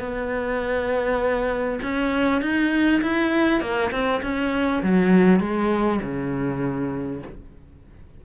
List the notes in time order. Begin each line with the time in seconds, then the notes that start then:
0.00 B3
1.83 C#4
2.42 D#4
3.02 E4
3.61 A#3
3.92 C4
4.23 C#4
4.83 F#3
5.41 G#3
6.02 C#3